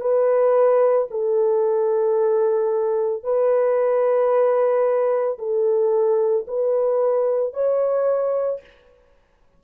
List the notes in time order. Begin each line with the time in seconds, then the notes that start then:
0.00 B4
1.10 A4
3.23 B4
5.38 A4
6.47 B4
7.53 C#5